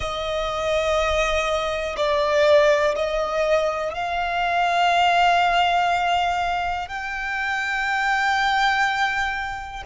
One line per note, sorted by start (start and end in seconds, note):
0.00 1.96 D#5
1.97 2.95 D5
2.95 3.93 D#5
3.93 6.88 F5
6.88 9.83 G5